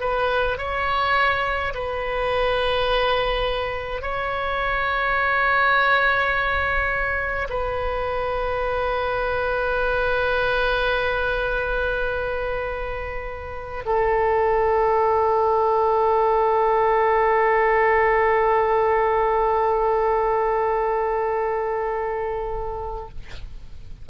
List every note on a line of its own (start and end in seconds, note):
0.00 0.58 B4
0.58 1.73 C#5
1.74 4.02 B4
4.02 7.48 C#5
7.49 13.84 B4
13.85 23.08 A4